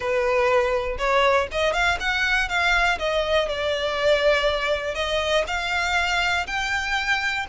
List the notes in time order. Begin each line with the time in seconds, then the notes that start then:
0.00 B4
0.97 C#5
1.51 D#5
1.73 F5
1.99 F#5
2.48 F5
2.98 D#5
3.48 D5
4.95 D#5
5.47 F5
6.46 G5